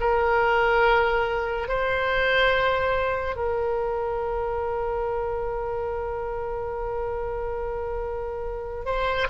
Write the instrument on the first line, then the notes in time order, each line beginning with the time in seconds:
oboe
0.00 A#4
1.68 C5
3.36 A#4
8.85 C5